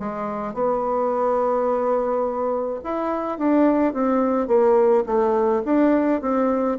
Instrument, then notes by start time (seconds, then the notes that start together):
bassoon
0.00 G#3
0.54 B3
2.84 E4
3.38 D4
3.94 C4
4.48 A#3
5.07 A3
5.66 D4
6.22 C4